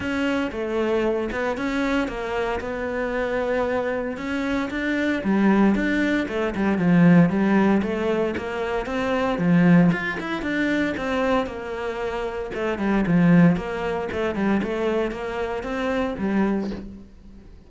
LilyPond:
\new Staff \with { instrumentName = "cello" } { \time 4/4 \tempo 4 = 115 cis'4 a4. b8 cis'4 | ais4 b2. | cis'4 d'4 g4 d'4 | a8 g8 f4 g4 a4 |
ais4 c'4 f4 f'8 e'8 | d'4 c'4 ais2 | a8 g8 f4 ais4 a8 g8 | a4 ais4 c'4 g4 | }